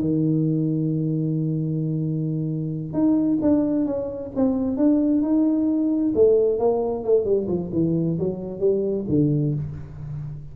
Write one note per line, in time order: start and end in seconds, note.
0.00 2.93 D#3
2.93 3.38 D#4
3.41 3.85 D4
3.85 4.31 C#4
4.35 4.76 C4
4.76 5.21 D4
5.21 6.12 D#4
6.14 6.58 A3
6.58 7.04 A#3
7.04 7.25 A3
7.25 7.47 G3
7.48 7.70 F3
7.73 8.18 E3
8.19 8.59 F#3
8.59 9.05 G3
9.08 9.54 D3